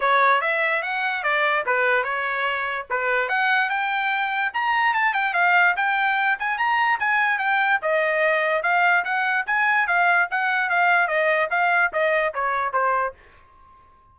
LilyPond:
\new Staff \with { instrumentName = "trumpet" } { \time 4/4 \tempo 4 = 146 cis''4 e''4 fis''4 d''4 | b'4 cis''2 b'4 | fis''4 g''2 ais''4 | a''8 g''8 f''4 g''4. gis''8 |
ais''4 gis''4 g''4 dis''4~ | dis''4 f''4 fis''4 gis''4 | f''4 fis''4 f''4 dis''4 | f''4 dis''4 cis''4 c''4 | }